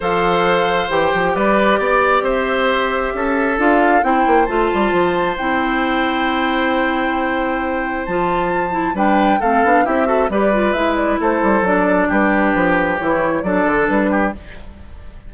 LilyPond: <<
  \new Staff \with { instrumentName = "flute" } { \time 4/4 \tempo 4 = 134 f''2 g''4 d''4~ | d''4 e''2. | f''4 g''4 a''2 | g''1~ |
g''2 a''2 | g''4 f''4 e''4 d''4 | e''8 d''8 c''4 d''4 b'4~ | b'4 cis''4 d''4 b'4 | }
  \new Staff \with { instrumentName = "oboe" } { \time 4/4 c''2. b'4 | d''4 c''2 a'4~ | a'4 c''2.~ | c''1~ |
c''1 | b'4 a'4 g'8 a'8 b'4~ | b'4 a'2 g'4~ | g'2 a'4. g'8 | }
  \new Staff \with { instrumentName = "clarinet" } { \time 4/4 a'2 g'2~ | g'1 | f'4 e'4 f'2 | e'1~ |
e'2 f'4. e'8 | d'4 c'8 d'8 e'8 fis'8 g'8 f'8 | e'2 d'2~ | d'4 e'4 d'2 | }
  \new Staff \with { instrumentName = "bassoon" } { \time 4/4 f2 e8 f8 g4 | b4 c'2 cis'4 | d'4 c'8 ais8 a8 g8 f4 | c'1~ |
c'2 f2 | g4 a8 b8 c'4 g4 | gis4 a8 g8 fis4 g4 | f4 e4 fis8 d8 g4 | }
>>